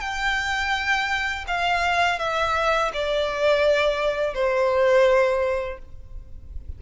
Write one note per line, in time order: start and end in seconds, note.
0.00 1.45 G5
1.47 2.19 F5
2.19 2.91 E5
2.93 4.34 D5
4.34 5.78 C5